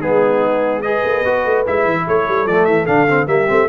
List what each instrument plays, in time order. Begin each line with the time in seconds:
0.00 tuba G#3, trombone B3, horn D#4, trumpet G#4
0.82 trombone G#4, horn B4, trumpet D#5
1.04 tuba A#3
1.25 tuba B3, trombone F#4
1.45 tuba A3
1.66 tuba G#3, trombone E4, trumpet E5
1.85 tuba E3
2.07 tuba A3, horn A4, trumpet C#5
2.28 tuba G3
2.46 tuba F3, trombone A3, trumpet D5
2.65 tuba E3, trumpet E5
2.86 tuba D3, trombone D4, trumpet F5
3.08 trombone C4
3.27 tuba G3, trombone A#3, horn G4, trumpet E5
3.47 tuba A3, trombone C4